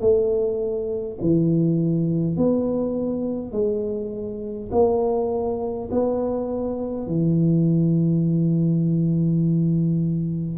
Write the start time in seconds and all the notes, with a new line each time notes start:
0.00 A3
1.21 E3
2.36 B3
3.52 G#3
4.71 A#3
5.91 B3
7.06 E3